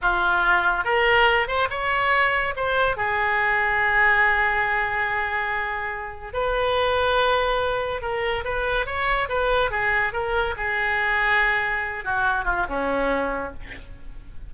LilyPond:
\new Staff \with { instrumentName = "oboe" } { \time 4/4 \tempo 4 = 142 f'2 ais'4. c''8 | cis''2 c''4 gis'4~ | gis'1~ | gis'2. b'4~ |
b'2. ais'4 | b'4 cis''4 b'4 gis'4 | ais'4 gis'2.~ | gis'8 fis'4 f'8 cis'2 | }